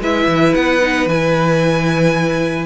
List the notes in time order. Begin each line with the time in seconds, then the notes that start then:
0.00 G#3 E4 B4 E5
0.27 E3
0.54 B3 F#5
0.81 D#4
1.06 E3 E4 G#5